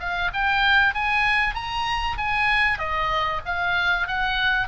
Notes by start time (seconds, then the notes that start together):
0.00 F5
0.34 G5
0.95 G#5
1.55 A#5
2.18 G#5
2.79 D#5
3.46 F5
4.08 F#5